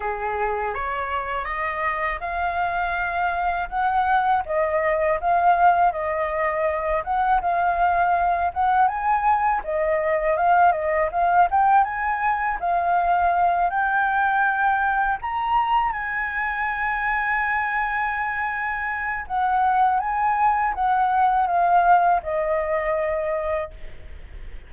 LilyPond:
\new Staff \with { instrumentName = "flute" } { \time 4/4 \tempo 4 = 81 gis'4 cis''4 dis''4 f''4~ | f''4 fis''4 dis''4 f''4 | dis''4. fis''8 f''4. fis''8 | gis''4 dis''4 f''8 dis''8 f''8 g''8 |
gis''4 f''4. g''4.~ | g''8 ais''4 gis''2~ gis''8~ | gis''2 fis''4 gis''4 | fis''4 f''4 dis''2 | }